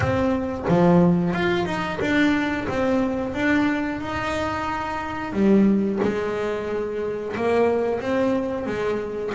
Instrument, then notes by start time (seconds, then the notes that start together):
double bass
0.00 C4
0.68 F3
1.33 F4
1.65 D#4
2.00 D4
2.68 C4
3.34 D4
4.01 D#4
5.32 G3
6.02 G#3
7.36 A#3
8.00 C4
8.66 G#3